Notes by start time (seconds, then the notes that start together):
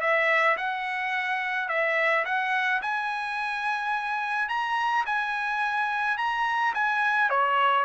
0.00 E5
0.57 F#5
1.68 E5
2.25 F#5
2.81 G#5
4.48 A#5
5.05 G#5
6.17 A#5
6.74 G#5
7.29 C#5